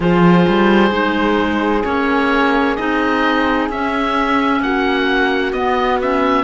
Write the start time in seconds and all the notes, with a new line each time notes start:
0.00 F3 F4 G#4 C5
0.47 G3
0.91 G#3 D#4
1.84 A#3 C#4 C#5
2.76 C4 D#4 D#5
3.69 C#4 E5
4.60 A#3 F#4 F#5
5.52 B3 D#5
6.01 C#4 E5